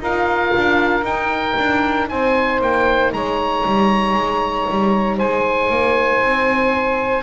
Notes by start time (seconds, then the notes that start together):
0.00 D#4 F4 A#4 F5
0.57 D4
1.02 D#4 G5
1.58 D4
2.09 C4 C5 G#5
2.61 A#3 G5
3.13 G#3 C#5 A#5
3.66 G3
4.14 G#3
4.70 G3
5.17 G#3 C5 G#5
5.70 A#3
6.22 C4